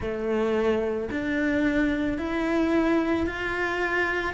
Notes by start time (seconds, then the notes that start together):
0.00 A3
1.11 D4
2.18 E4
3.27 F4